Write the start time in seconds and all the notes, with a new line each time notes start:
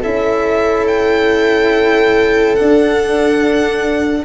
0.00 C#4 E4 A4 E5
0.87 G5
2.55 D4 F#5